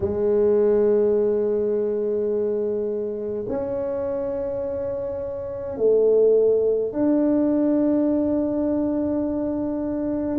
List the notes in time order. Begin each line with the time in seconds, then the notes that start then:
0.00 G#3
3.48 C#4
5.77 A3
6.92 D4